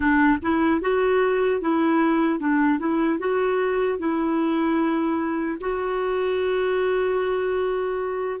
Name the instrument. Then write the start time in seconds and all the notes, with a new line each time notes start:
clarinet
0.00 D4
0.42 E4
0.81 F#4
1.61 E4
2.39 D4
2.79 E4
3.19 F#4
3.99 E4
5.60 F#4